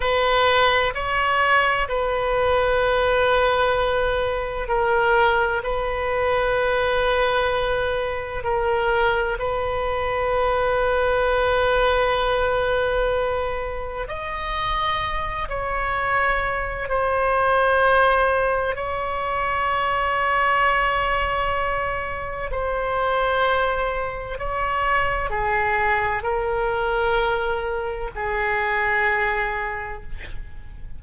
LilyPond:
\new Staff \with { instrumentName = "oboe" } { \time 4/4 \tempo 4 = 64 b'4 cis''4 b'2~ | b'4 ais'4 b'2~ | b'4 ais'4 b'2~ | b'2. dis''4~ |
dis''8 cis''4. c''2 | cis''1 | c''2 cis''4 gis'4 | ais'2 gis'2 | }